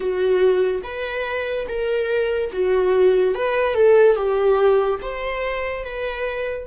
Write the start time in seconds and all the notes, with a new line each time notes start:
0.00 F#4
0.83 B4
1.67 A#4
2.52 F#4
3.34 B4
3.74 A4
4.16 G4
5.02 C5
5.84 B4